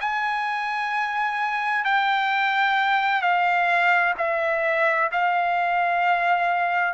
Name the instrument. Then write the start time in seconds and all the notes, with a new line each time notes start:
trumpet
0.00 G#5
1.85 G5
3.21 F5
4.17 E5
5.11 F5